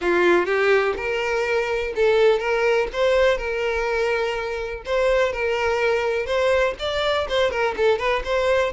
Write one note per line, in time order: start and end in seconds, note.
0.01 0.45 F4
0.45 0.94 G4
0.97 1.93 A#4
1.95 2.39 A4
2.39 2.87 A#4
2.92 3.37 C5
3.37 4.82 A#4
4.85 5.32 C5
5.32 6.26 A#4
6.26 6.74 C5
6.79 7.27 D5
7.28 7.50 C5
7.50 7.75 A#4
7.76 7.98 A4
7.98 8.22 B4
8.24 8.72 C5